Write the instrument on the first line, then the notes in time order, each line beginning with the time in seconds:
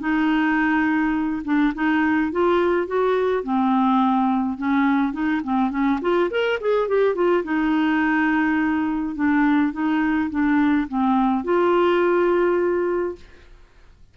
clarinet
0.00 D#4
1.45 D4
1.75 D#4
2.32 F4
2.88 F#4
3.44 C4
4.58 C#4
5.13 D#4
5.44 C4
5.71 C#4
6.02 F4
6.31 A#4
6.61 G#4
6.89 G4
7.15 F4
7.44 D#4
9.16 D4
9.73 D#4
10.31 D4
10.89 C4
11.44 F4